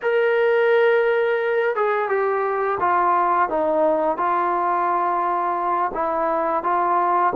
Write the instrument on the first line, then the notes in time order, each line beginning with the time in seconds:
trombone
0.02 A#4
1.75 G#4
2.08 G4
2.80 F4
3.49 D#4
4.17 F4
5.93 E4
6.63 F4